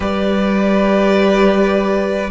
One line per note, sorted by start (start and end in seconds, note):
0.00 2.30 G3
0.00 2.29 G4
0.00 2.30 B4
0.00 2.30 D5